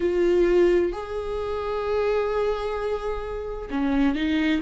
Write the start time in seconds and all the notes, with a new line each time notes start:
0.00 F4
0.92 G#4
3.70 C#4
4.15 D#4